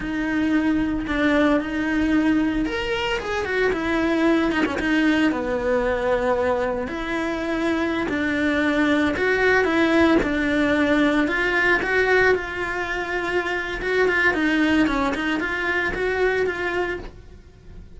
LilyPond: \new Staff \with { instrumentName = "cello" } { \time 4/4 \tempo 4 = 113 dis'2 d'4 dis'4~ | dis'4 ais'4 gis'8 fis'8 e'4~ | e'8 dis'16 cis'16 dis'4 b2~ | b4 e'2~ e'16 d'8.~ |
d'4~ d'16 fis'4 e'4 d'8.~ | d'4~ d'16 f'4 fis'4 f'8.~ | f'2 fis'8 f'8 dis'4 | cis'8 dis'8 f'4 fis'4 f'4 | }